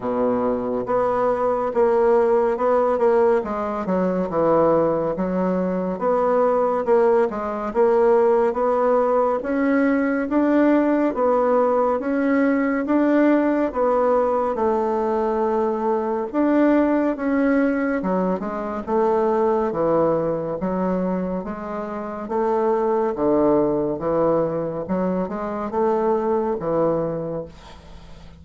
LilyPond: \new Staff \with { instrumentName = "bassoon" } { \time 4/4 \tempo 4 = 70 b,4 b4 ais4 b8 ais8 | gis8 fis8 e4 fis4 b4 | ais8 gis8 ais4 b4 cis'4 | d'4 b4 cis'4 d'4 |
b4 a2 d'4 | cis'4 fis8 gis8 a4 e4 | fis4 gis4 a4 d4 | e4 fis8 gis8 a4 e4 | }